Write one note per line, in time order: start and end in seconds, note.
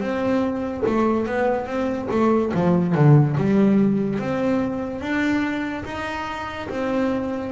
0.00 0.83 C4
0.86 1.26 A3
1.26 1.66 B3
1.66 2.08 C4
2.11 2.52 A3
2.54 2.94 F3
2.94 3.36 D3
3.37 4.19 G3
4.19 5.01 C4
5.01 5.84 D4
5.85 6.68 D#4
6.69 7.52 C4